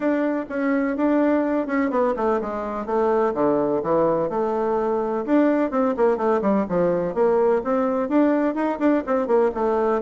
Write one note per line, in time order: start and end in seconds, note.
0.00 0.45 D4
0.49 0.96 C#4
0.97 1.66 D4
1.66 1.90 C#4
1.90 2.14 B3
2.16 2.40 A3
2.41 2.85 G#3
2.85 3.33 A3
3.34 3.81 D3
3.82 4.29 E3
4.29 5.25 A3
5.25 5.71 D4
5.71 5.94 C4
5.97 6.17 A#3
6.17 6.40 A3
6.41 6.65 G3
6.68 7.14 F3
7.14 7.62 A#3
7.64 8.08 C4
8.08 8.55 D4
8.55 8.78 D#4
8.79 9.03 D4
9.06 9.27 C4
9.27 9.50 A#3
9.54 10.02 A3